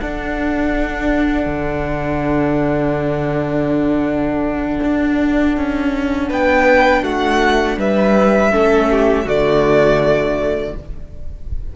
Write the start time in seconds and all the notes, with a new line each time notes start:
0.00 D4 A4 F#5
1.46 D3
4.84 D4
5.57 C#4
6.29 B3 B4 G5
7.03 A3 F#4 F#5
7.77 G3 B4 E5
8.51 A3 C#4 A4
8.91 G4
9.25 D3 A3 F#4 D5